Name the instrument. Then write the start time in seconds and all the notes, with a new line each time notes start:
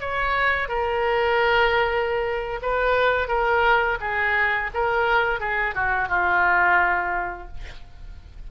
oboe
0.00 C#5
0.68 A#4
2.62 B4
3.28 A#4
4.01 G#4
4.74 A#4
5.40 G#4
5.75 F#4
6.08 F4